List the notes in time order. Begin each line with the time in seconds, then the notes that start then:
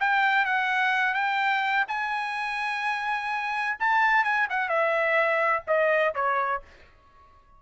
0.00 G5
0.45 F#5
1.14 G5
1.88 G#5
3.79 A5
4.24 G#5
4.50 F#5
4.69 E5
5.67 D#5
6.15 C#5